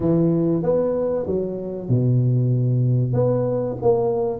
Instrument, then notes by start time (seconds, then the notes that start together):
tuba
0.00 E3
0.63 B3
1.26 F#3
1.89 B2
3.13 B3
3.81 A#3